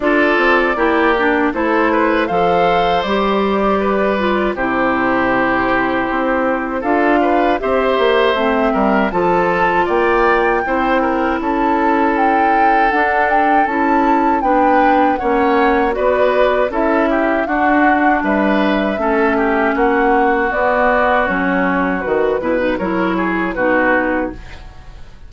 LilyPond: <<
  \new Staff \with { instrumentName = "flute" } { \time 4/4 \tempo 4 = 79 d''2 c''4 f''4 | d''2 c''2~ | c''4 f''4 e''2 | a''4 g''2 a''4 |
g''4 fis''8 g''8 a''4 g''4 | fis''4 d''4 e''4 fis''4 | e''2 fis''4 d''4 | cis''4 b'4 cis''4 b'4 | }
  \new Staff \with { instrumentName = "oboe" } { \time 4/4 a'4 g'4 a'8 b'8 c''4~ | c''4 b'4 g'2~ | g'4 a'8 b'8 c''4. ais'8 | a'4 d''4 c''8 ais'8 a'4~ |
a'2. b'4 | cis''4 b'4 a'8 g'8 fis'4 | b'4 a'8 g'8 fis'2~ | fis'4. b'8 ais'8 gis'8 fis'4 | }
  \new Staff \with { instrumentName = "clarinet" } { \time 4/4 f'4 e'8 d'8 e'4 a'4 | g'4. f'8 e'2~ | e'4 f'4 g'4 c'4 | f'2 e'2~ |
e'4 d'4 e'4 d'4 | cis'4 fis'4 e'4 d'4~ | d'4 cis'2 b4 | cis'4 fis'8 e'16 dis'16 e'4 dis'4 | }
  \new Staff \with { instrumentName = "bassoon" } { \time 4/4 d'8 c'8 ais4 a4 f4 | g2 c2 | c'4 d'4 c'8 ais8 a8 g8 | f4 ais4 c'4 cis'4~ |
cis'4 d'4 cis'4 b4 | ais4 b4 cis'4 d'4 | g4 a4 ais4 b4 | fis4 dis8 b,8 fis4 b,4 | }
>>